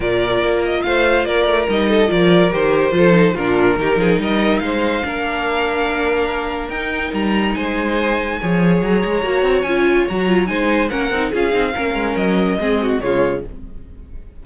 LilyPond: <<
  \new Staff \with { instrumentName = "violin" } { \time 4/4 \tempo 4 = 143 d''4. dis''8 f''4 d''4 | dis''4 d''4 c''2 | ais'2 dis''4 f''4~ | f''1 |
g''4 ais''4 gis''2~ | gis''4 ais''2 gis''4 | ais''4 gis''4 fis''4 f''4~ | f''4 dis''2 cis''4 | }
  \new Staff \with { instrumentName = "violin" } { \time 4/4 ais'2 c''4 ais'4~ | ais'8 a'8 ais'2 a'4 | f'4 g'8 gis'8 ais'4 c''4 | ais'1~ |
ais'2 c''2 | cis''1~ | cis''4 c''4 ais'4 gis'4 | ais'2 gis'8 fis'8 f'4 | }
  \new Staff \with { instrumentName = "viola" } { \time 4/4 f'1 | dis'4 f'4 g'4 f'8 dis'8 | d'4 dis'2. | d'1 |
dis'1 | gis'2 fis'4 f'4 | fis'8 f'8 dis'4 cis'8 dis'8 f'8 dis'8 | cis'2 c'4 gis4 | }
  \new Staff \with { instrumentName = "cello" } { \time 4/4 ais,4 ais4 a4 ais8 a8 | g4 f4 dis4 f4 | ais,4 dis8 f8 g4 gis4 | ais1 |
dis'4 g4 gis2 | f4 fis8 gis8 ais8 c'8 cis'4 | fis4 gis4 ais8 c'8 cis'8 c'8 | ais8 gis8 fis4 gis4 cis4 | }
>>